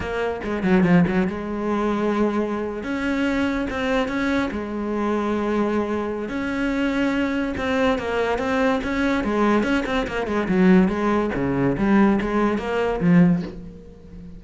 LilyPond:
\new Staff \with { instrumentName = "cello" } { \time 4/4 \tempo 4 = 143 ais4 gis8 fis8 f8 fis8 gis4~ | gis2~ gis8. cis'4~ cis'16~ | cis'8. c'4 cis'4 gis4~ gis16~ | gis2. cis'4~ |
cis'2 c'4 ais4 | c'4 cis'4 gis4 cis'8 c'8 | ais8 gis8 fis4 gis4 cis4 | g4 gis4 ais4 f4 | }